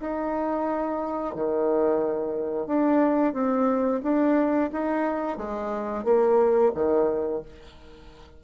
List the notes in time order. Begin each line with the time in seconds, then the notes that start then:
0.00 D#4
1.35 D#3
2.67 D4
3.33 C4
4.03 D4
4.72 D#4
5.37 G#3
6.04 A#3
6.75 D#3